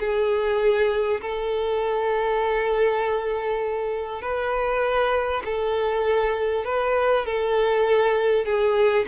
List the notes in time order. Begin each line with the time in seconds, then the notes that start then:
0.00 G#4
1.21 A4
4.22 B4
5.45 A4
6.65 B4
7.26 A4
8.46 G#4